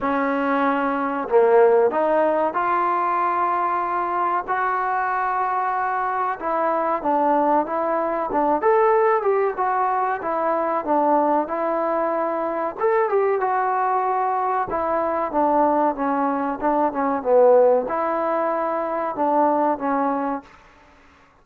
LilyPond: \new Staff \with { instrumentName = "trombone" } { \time 4/4 \tempo 4 = 94 cis'2 ais4 dis'4 | f'2. fis'4~ | fis'2 e'4 d'4 | e'4 d'8 a'4 g'8 fis'4 |
e'4 d'4 e'2 | a'8 g'8 fis'2 e'4 | d'4 cis'4 d'8 cis'8 b4 | e'2 d'4 cis'4 | }